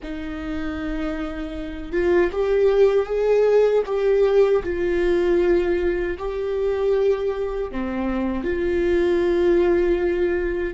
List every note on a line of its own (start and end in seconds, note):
0.02 1.92 D#4
1.92 2.30 F4
2.31 3.06 G4
3.06 3.83 G#4
3.85 4.62 G4
4.63 6.17 F4
6.18 7.71 G4
7.71 8.44 C4
8.44 10.73 F4